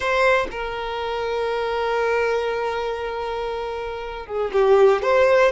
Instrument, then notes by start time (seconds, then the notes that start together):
violin
0.00 C5
0.51 A#4
4.26 G#4
4.52 G4
5.02 C5